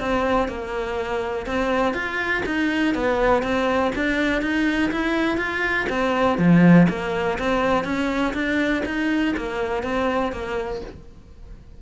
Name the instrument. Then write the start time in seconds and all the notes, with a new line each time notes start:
cello
0.00 C4
0.49 A#3
1.46 C4
1.94 F4
2.46 D#4
2.95 B3
3.43 C4
3.95 D4
4.42 D#4
4.92 E4
5.38 F4
5.90 C4
6.38 F3
6.89 A#3
7.39 C4
7.85 C#4
8.34 D4
8.86 D#4
9.37 A#3
9.83 C4
10.32 A#3